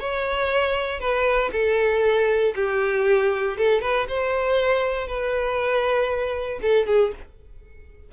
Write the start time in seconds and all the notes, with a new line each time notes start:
0.00 C#5
1.00 B4
1.53 A4
2.55 G4
3.58 A4
3.82 B4
4.09 C5
5.08 B4
6.62 A4
6.87 G#4